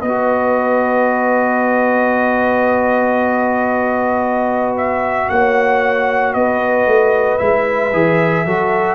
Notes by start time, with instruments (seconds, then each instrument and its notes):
0.00 tuba B3, trombone F#4, horn B4, trumpet D#5
4.77 trumpet E5
5.29 tuba A#3, horn C#5, trumpet F#5
6.33 tuba B3, horn B4, trumpet D#5
6.86 tuba A3
7.38 tuba G#3, trombone E4, trumpet E5
7.93 tuba E3, trombone G#4
8.45 tuba F#3, trombone F#4, horn A4